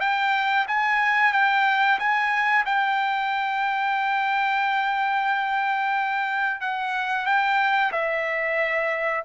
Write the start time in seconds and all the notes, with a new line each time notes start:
0.00 G5
0.68 G#5
1.33 G5
1.99 G#5
2.66 G5
6.61 F#5
7.26 G5
7.92 E5